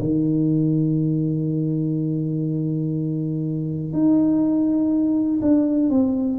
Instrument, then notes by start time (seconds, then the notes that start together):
tuba
0.00 D#3
3.93 D#4
5.41 D4
5.90 C4